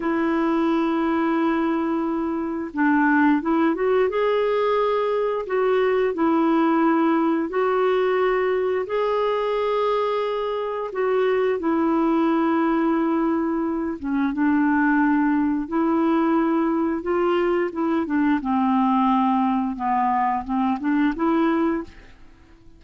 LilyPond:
\new Staff \with { instrumentName = "clarinet" } { \time 4/4 \tempo 4 = 88 e'1 | d'4 e'8 fis'8 gis'2 | fis'4 e'2 fis'4~ | fis'4 gis'2. |
fis'4 e'2.~ | e'8 cis'8 d'2 e'4~ | e'4 f'4 e'8 d'8 c'4~ | c'4 b4 c'8 d'8 e'4 | }